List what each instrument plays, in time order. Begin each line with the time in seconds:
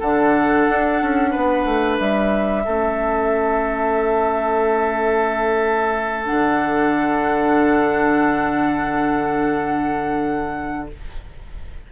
0.00 bassoon D3, clarinet D4, oboe A4, flute F#5
0.70 bassoon D4
1.02 bassoon C#4
1.31 bassoon B3, oboe B4
1.65 bassoon A3
1.98 bassoon G3, flute E5
2.64 bassoon A3, clarinet C#4, oboe A4
6.26 bassoon D3, clarinet D4, flute F#5